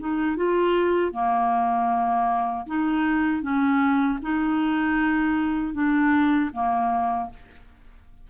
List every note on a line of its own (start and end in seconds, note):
0.00 0.37 D#4
0.37 1.13 F4
1.13 2.66 A#3
2.67 3.42 D#4
3.42 4.19 C#4
4.23 5.74 D#4
5.74 6.51 D4
6.53 7.30 A#3